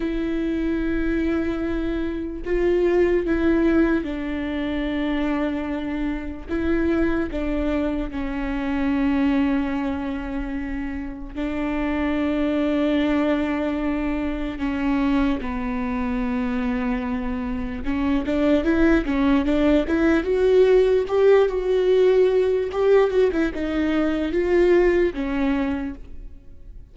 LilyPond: \new Staff \with { instrumentName = "viola" } { \time 4/4 \tempo 4 = 74 e'2. f'4 | e'4 d'2. | e'4 d'4 cis'2~ | cis'2 d'2~ |
d'2 cis'4 b4~ | b2 cis'8 d'8 e'8 cis'8 | d'8 e'8 fis'4 g'8 fis'4. | g'8 fis'16 e'16 dis'4 f'4 cis'4 | }